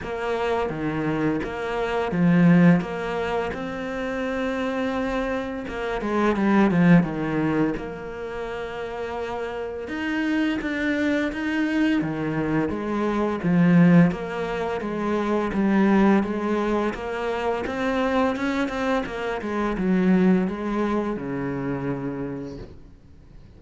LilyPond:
\new Staff \with { instrumentName = "cello" } { \time 4/4 \tempo 4 = 85 ais4 dis4 ais4 f4 | ais4 c'2. | ais8 gis8 g8 f8 dis4 ais4~ | ais2 dis'4 d'4 |
dis'4 dis4 gis4 f4 | ais4 gis4 g4 gis4 | ais4 c'4 cis'8 c'8 ais8 gis8 | fis4 gis4 cis2 | }